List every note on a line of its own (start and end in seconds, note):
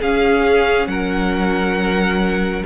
0.00 0.87 C#4
0.00 2.65 C#4
0.00 0.88 G#4
0.00 0.87 F5
0.87 2.64 F#3
0.87 2.65 A#4
0.87 2.64 F#5